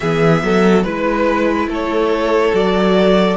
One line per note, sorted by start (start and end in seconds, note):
0.00 0.43 E3
0.00 0.85 B3
0.00 0.42 G#4
0.00 0.83 E5
0.43 0.84 F#3
0.43 0.85 A4
0.83 1.67 G#3
0.83 2.53 E4
0.83 1.67 B4
0.83 1.68 B4
1.67 2.51 A3
1.67 3.36 A4
1.73 2.54 C#5
2.53 3.36 F#3
2.53 3.36 F#4
2.53 3.36 D5